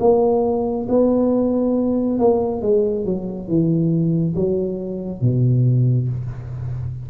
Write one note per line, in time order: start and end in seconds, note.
0.00 0.87 A#3
0.89 2.19 B3
2.19 2.62 A#3
2.62 3.05 G#3
3.05 3.48 F#3
3.48 4.35 E3
4.36 5.21 F#3
5.21 6.08 B2